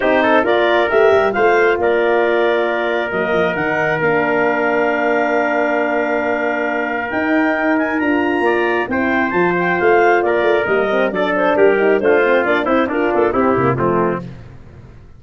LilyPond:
<<
  \new Staff \with { instrumentName = "clarinet" } { \time 4/4 \tempo 4 = 135 c''4 d''4 e''4 f''4 | d''2. dis''4 | fis''4 f''2.~ | f''1 |
g''4. gis''8 ais''2 | g''4 a''8 g''8 f''4 d''4 | dis''4 d''8 c''8 ais'4 c''4 | d''8 c''8 ais'8 a'8 g'4 f'4 | }
  \new Staff \with { instrumentName = "trumpet" } { \time 4/4 g'8 a'8 ais'2 c''4 | ais'1~ | ais'1~ | ais'1~ |
ais'2. d''4 | c''2. ais'4~ | ais'4 a'4 g'4 f'4~ | f'8 e'8 d'4 e'4 c'4 | }
  \new Staff \with { instrumentName = "horn" } { \time 4/4 dis'4 f'4 g'4 f'4~ | f'2. ais4 | dis'4 d'2.~ | d'1 |
dis'2 f'2 | e'4 f'2. | ais8 c'8 d'4. dis'8 d'8 c'8 | d'8 e'8 f'4 c'8 ais8 a4 | }
  \new Staff \with { instrumentName = "tuba" } { \time 4/4 c'4 ais4 a8 g8 a4 | ais2. fis8 f8 | dis4 ais2.~ | ais1 |
dis'2 d'4 ais4 | c'4 f4 a4 ais8 a8 | g4 fis4 g4 a4 | ais8 c'8 d'8 ais8 c'8 c8 f4 | }
>>